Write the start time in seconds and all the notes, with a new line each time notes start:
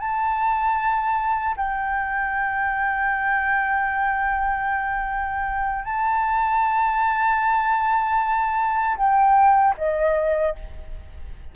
0.00 A5
1.57 G5
5.85 A5
8.98 G5
9.78 D#5